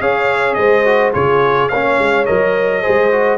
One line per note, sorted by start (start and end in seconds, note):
0.00 0.57 C#4
0.00 0.85 G#4
0.00 0.57 C#5
0.00 0.54 F5
0.54 1.14 G#3
0.54 1.14 C5
0.54 1.10 D#5
0.85 1.13 F#4
1.13 1.71 C#3
1.13 1.69 F4
1.13 1.70 G#4
1.13 1.68 C#5
1.68 1.99 A#3
1.68 2.26 C#4
1.68 2.82 C#5
1.68 2.25 F5
1.99 2.27 G#3
2.25 2.85 F#3
2.25 2.82 A#4
2.25 3.37 D#5
2.82 3.37 G#3
2.82 3.10 G#4
2.82 3.37 C5
3.11 3.37 F#4